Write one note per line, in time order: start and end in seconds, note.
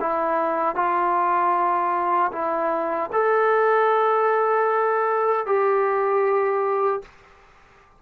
0.00 0.75 E4
0.75 2.31 F4
2.32 3.10 E4
3.12 5.46 A4
5.46 7.02 G4